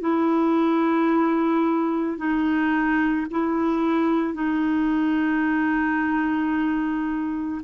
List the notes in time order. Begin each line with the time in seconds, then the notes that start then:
0.00 E4
2.17 D#4
3.30 E4
4.34 D#4